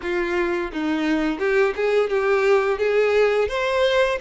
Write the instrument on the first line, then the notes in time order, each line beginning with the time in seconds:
violin
0.02 F4
0.72 D#4
1.39 G4
1.76 G#4
2.09 G4
2.78 G#4
3.48 C5